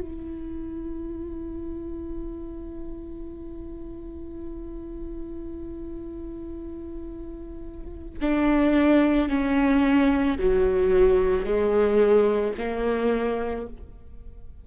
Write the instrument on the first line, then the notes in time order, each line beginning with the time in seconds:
viola
0.00 E4
8.21 D4
9.29 C#4
10.38 F#3
11.45 G#3
12.58 A#3